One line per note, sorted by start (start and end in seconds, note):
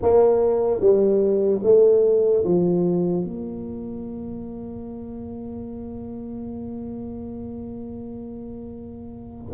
0.02 0.80 A#3
0.80 1.61 G3
1.63 2.44 A3
2.44 3.24 F3
3.24 9.52 A#3